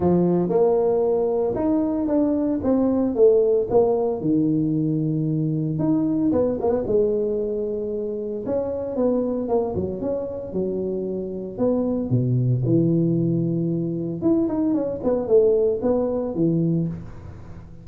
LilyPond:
\new Staff \with { instrumentName = "tuba" } { \time 4/4 \tempo 4 = 114 f4 ais2 dis'4 | d'4 c'4 a4 ais4 | dis2. dis'4 | b8 ais16 b16 gis2. |
cis'4 b4 ais8 fis8 cis'4 | fis2 b4 b,4 | e2. e'8 dis'8 | cis'8 b8 a4 b4 e4 | }